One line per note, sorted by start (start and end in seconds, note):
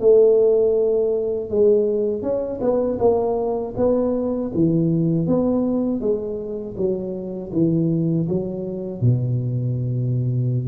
0.00 1.50 A3
1.50 2.22 G#3
2.22 2.60 C#4
2.61 2.98 B3
2.99 3.74 A#3
3.76 4.51 B3
4.54 5.27 E3
5.27 6.01 B3
6.01 6.76 G#3
6.77 7.52 F#3
7.52 8.27 E3
8.29 9.01 F#3
9.01 10.68 B2